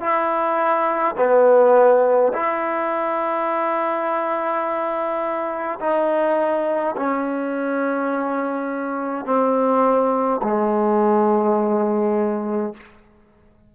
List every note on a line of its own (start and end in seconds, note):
0.00 1.15 E4
1.17 2.32 B3
2.33 5.79 E4
5.80 6.95 D#4
6.97 9.25 C#4
9.25 10.41 C4
10.42 12.73 G#3